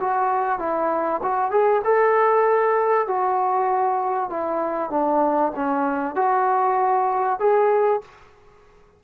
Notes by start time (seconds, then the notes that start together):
0.00 F#4
0.59 E4
1.22 F#4
1.51 G#4
1.84 A4
3.07 F#4
4.30 E4
4.90 D4
5.55 C#4
6.15 F#4
7.39 G#4